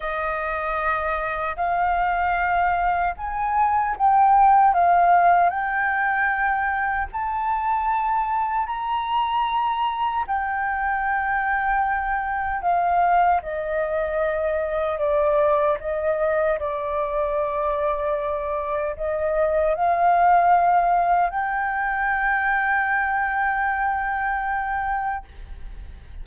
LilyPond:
\new Staff \with { instrumentName = "flute" } { \time 4/4 \tempo 4 = 76 dis''2 f''2 | gis''4 g''4 f''4 g''4~ | g''4 a''2 ais''4~ | ais''4 g''2. |
f''4 dis''2 d''4 | dis''4 d''2. | dis''4 f''2 g''4~ | g''1 | }